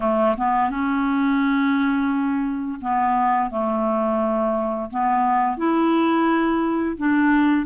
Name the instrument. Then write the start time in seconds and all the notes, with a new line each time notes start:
clarinet
0.00 A3
0.37 B3
0.69 C#4
2.81 B3
3.50 A3
4.90 B3
5.57 E4
6.97 D4